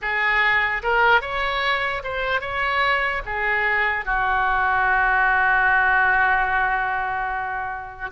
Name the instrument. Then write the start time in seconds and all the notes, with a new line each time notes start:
oboe
0.01 G#4
0.83 A#4
1.21 C#5
2.03 C5
2.41 C#5
3.25 G#4
4.05 F#4